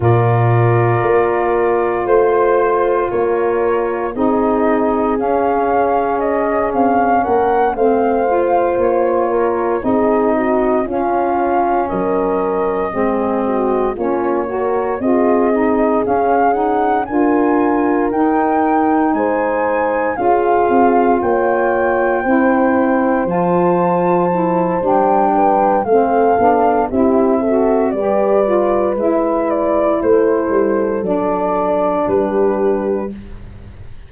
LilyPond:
<<
  \new Staff \with { instrumentName = "flute" } { \time 4/4 \tempo 4 = 58 d''2 c''4 cis''4 | dis''4 f''4 dis''8 f''8 fis''8 f''8~ | f''8 cis''4 dis''4 f''4 dis''8~ | dis''4. cis''4 dis''4 f''8 |
fis''8 gis''4 g''4 gis''4 f''8~ | f''8 g''2 a''4. | g''4 f''4 e''4 d''4 | e''8 d''8 c''4 d''4 b'4 | }
  \new Staff \with { instrumentName = "horn" } { \time 4/4 ais'2 c''4 ais'4 | gis'2. ais'8 c''8~ | c''4 ais'8 gis'8 fis'8 f'4 ais'8~ | ais'8 gis'8 fis'8 f'8 ais'8 gis'4.~ |
gis'8 ais'2 c''4 gis'8~ | gis'8 cis''4 c''2~ c''8~ | c''8 b'8 a'4 g'8 a'8 b'4~ | b'4 a'2 g'4 | }
  \new Staff \with { instrumentName = "saxophone" } { \time 4/4 f'1 | dis'4 cis'2~ cis'8 c'8 | f'4. dis'4 cis'4.~ | cis'8 c'4 cis'8 fis'8 f'8 dis'8 cis'8 |
dis'8 f'4 dis'2 f'8~ | f'4. e'4 f'4 e'8 | d'4 c'8 d'8 e'8 fis'8 g'8 f'8 | e'2 d'2 | }
  \new Staff \with { instrumentName = "tuba" } { \time 4/4 ais,4 ais4 a4 ais4 | c'4 cis'4. c'8 ais8 a8~ | a8 ais4 c'4 cis'4 fis8~ | fis8 gis4 ais4 c'4 cis'8~ |
cis'8 d'4 dis'4 gis4 cis'8 | c'8 ais4 c'4 f4. | g4 a8 b8 c'4 g4 | gis4 a8 g8 fis4 g4 | }
>>